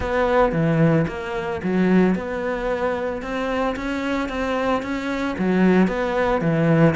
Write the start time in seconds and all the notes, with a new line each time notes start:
0.00 B3
0.52 E3
1.07 A#3
1.63 F#3
2.15 B3
3.22 C4
3.76 C#4
4.28 C4
4.82 C#4
5.38 F#3
5.87 B3
6.41 E3